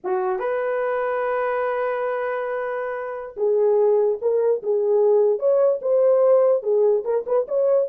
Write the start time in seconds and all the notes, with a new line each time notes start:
0.04 F#4
0.39 B4
3.37 G#4
4.21 A#4
4.62 G#4
5.39 C#5
5.81 C5
6.63 G#4
7.04 A#4
7.26 B4
7.48 C#5